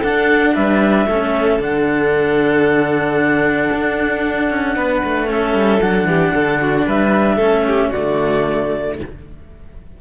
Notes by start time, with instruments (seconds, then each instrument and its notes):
0.00 cello D4, violin A4, clarinet F#5
0.54 cello G3, violin B4, clarinet E5
1.06 cello A3 C#4, violin A4
1.59 cello D3 D4, clarinet F#5
3.72 cello D4
4.50 cello C#4
4.75 cello B3, violin B4
5.04 cello A3
5.26 cello C#4, violin A4, clarinet E5
5.53 cello G3
5.81 cello F#3 D4, clarinet F#5
6.04 cello E3, violin G4
6.34 cello D3, violin A4
6.61 violin F#4
6.86 cello G3, violin B4, clarinet E5
7.36 cello A3 C#4, violin A4
7.67 violin G4
7.89 cello D3 A3, violin F#4, clarinet D5